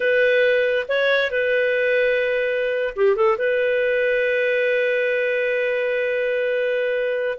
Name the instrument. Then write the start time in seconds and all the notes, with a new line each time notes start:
clarinet
0.00 B4
0.88 C#5
1.30 B4
2.96 G4
3.15 A4
3.38 B4